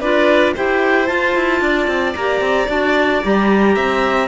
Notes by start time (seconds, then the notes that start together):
0.00 D4 F4 B4 D5
0.55 E4 G4 C5 G5
1.06 F4 A5
1.35 E4
1.61 D4 D5
1.87 C4
2.15 A#3 G4 A#5
2.41 C4
2.68 D4 F#4 A5
3.23 G3 G4 A#5
3.75 C4 E5